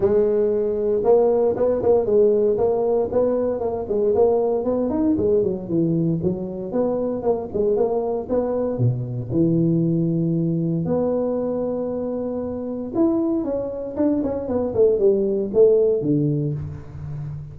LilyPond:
\new Staff \with { instrumentName = "tuba" } { \time 4/4 \tempo 4 = 116 gis2 ais4 b8 ais8 | gis4 ais4 b4 ais8 gis8 | ais4 b8 dis'8 gis8 fis8 e4 | fis4 b4 ais8 gis8 ais4 |
b4 b,4 e2~ | e4 b2.~ | b4 e'4 cis'4 d'8 cis'8 | b8 a8 g4 a4 d4 | }